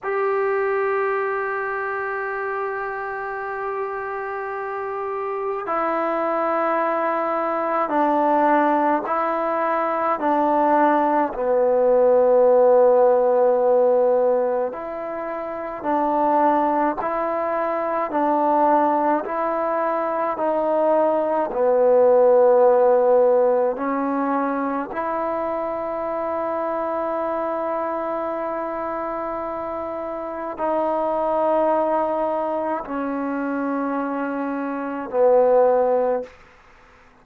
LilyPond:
\new Staff \with { instrumentName = "trombone" } { \time 4/4 \tempo 4 = 53 g'1~ | g'4 e'2 d'4 | e'4 d'4 b2~ | b4 e'4 d'4 e'4 |
d'4 e'4 dis'4 b4~ | b4 cis'4 e'2~ | e'2. dis'4~ | dis'4 cis'2 b4 | }